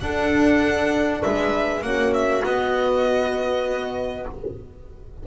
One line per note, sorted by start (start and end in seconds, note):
0.00 1.23 D4
0.00 1.82 D4
0.00 1.22 A4
0.00 1.21 F#5
1.22 1.81 G#3
1.22 1.82 B4
1.22 1.82 E5
1.81 2.42 A#3
1.81 2.43 C#4
1.81 4.27 F#4
1.81 2.13 F#5
2.13 2.44 E5
2.44 4.25 B3
2.44 4.26 B3
2.44 4.27 D#5